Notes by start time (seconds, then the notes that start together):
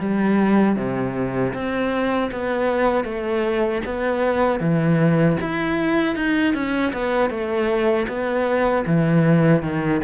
0.00 G3
0.77 C3
1.54 C4
2.32 B3
3.05 A3
3.86 B3
4.61 E3
5.41 E4
6.16 D#4
6.55 C#4
6.93 B3
7.30 A3
8.09 B3
8.87 E3
9.63 D#3